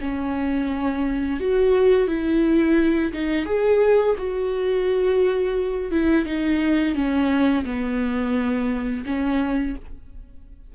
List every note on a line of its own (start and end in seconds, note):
0.00 1.40 C#4
1.40 2.07 F#4
2.07 3.12 E4
3.12 3.45 D#4
3.45 4.15 G#4
4.18 5.91 F#4
5.91 6.25 E4
6.25 6.94 D#4
6.94 7.64 C#4
7.64 9.04 B3
9.05 9.75 C#4